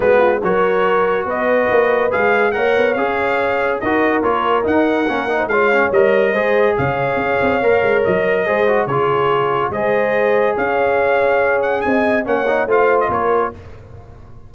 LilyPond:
<<
  \new Staff \with { instrumentName = "trumpet" } { \time 4/4 \tempo 4 = 142 b'4 cis''2 dis''4~ | dis''4 f''4 fis''4 f''4~ | f''4 dis''4 cis''4 fis''4~ | fis''4 f''4 dis''2 |
f''2. dis''4~ | dis''4 cis''2 dis''4~ | dis''4 f''2~ f''8 fis''8 | gis''4 fis''4 f''8. dis''16 cis''4 | }
  \new Staff \with { instrumentName = "horn" } { \time 4/4 fis'8 f'8 ais'2 b'4~ | b'2 cis''2~ | cis''4 ais'2.~ | ais'8. c''16 cis''2 c''4 |
cis''1 | c''4 gis'2 c''4~ | c''4 cis''2. | dis''4 cis''4 c''4 ais'4 | }
  \new Staff \with { instrumentName = "trombone" } { \time 4/4 b4 fis'2.~ | fis'4 gis'4 ais'4 gis'4~ | gis'4 fis'4 f'4 dis'4 | cis'8 dis'8 f'8 cis'8 ais'4 gis'4~ |
gis'2 ais'2 | gis'8 fis'8 f'2 gis'4~ | gis'1~ | gis'4 cis'8 dis'8 f'2 | }
  \new Staff \with { instrumentName = "tuba" } { \time 4/4 gis4 fis2 b4 | ais4 gis4 ais8 b8 cis'4~ | cis'4 dis'4 ais4 dis'4 | ais4 gis4 g4 gis4 |
cis4 cis'8 c'8 ais8 gis8 fis4 | gis4 cis2 gis4~ | gis4 cis'2. | c'4 ais4 a4 ais4 | }
>>